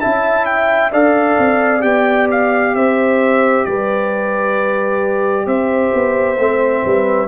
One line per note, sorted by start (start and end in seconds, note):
0.00 0.92 C#4
0.00 0.91 E4
0.00 0.92 E5
0.00 0.45 A5
0.45 0.91 G5
0.92 1.38 D4
0.92 1.81 A4
0.92 2.74 D5
0.92 1.82 F5
1.38 1.83 C4
1.81 2.74 B3
1.81 6.36 G4
1.81 2.27 G5
2.31 2.75 F5
2.74 3.65 C4
2.74 3.67 C5
2.74 3.65 E5
3.65 5.46 G3
3.65 5.46 B4
3.65 5.47 D5
5.46 5.92 C4
5.46 6.82 C5
5.46 7.28 E5
5.94 6.37 B3
6.37 6.83 A3
6.37 7.28 C4
6.84 7.28 G3
6.84 7.28 B4